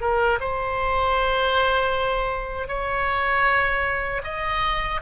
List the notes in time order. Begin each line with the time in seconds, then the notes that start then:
0.00 A#4
0.40 C5
2.67 C#5
4.23 D#5